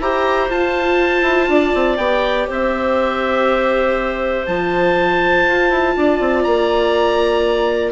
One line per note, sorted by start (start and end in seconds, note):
0.00 0.49 E4
0.00 0.49 G4
0.00 1.50 C5
0.00 0.51 A#5
0.49 1.97 F4
0.49 1.22 F4
0.49 1.98 A5
1.22 1.47 E4
1.48 1.73 D4
1.48 2.48 D5
1.75 1.98 C4
1.98 2.48 B3
1.98 4.47 G4
1.98 2.47 G5
2.48 4.47 C4
2.48 5.95 C5
2.48 4.47 E5
4.47 5.47 F3
4.47 7.92 F4
4.47 6.44 A5
5.47 5.70 F4
5.70 5.95 E4
5.97 6.20 D4
5.97 7.92 D5
6.20 6.45 C4
6.44 7.92 A#3
6.44 7.92 A#5